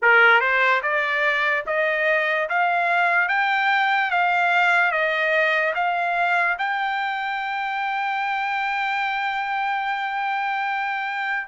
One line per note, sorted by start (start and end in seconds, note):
0.02 0.40 A#4
0.40 0.81 C5
0.82 1.64 D5
1.66 2.48 D#5
2.49 3.28 F5
3.28 4.10 G5
4.10 4.91 F5
4.91 5.73 D#5
5.75 6.57 F5
6.58 11.47 G5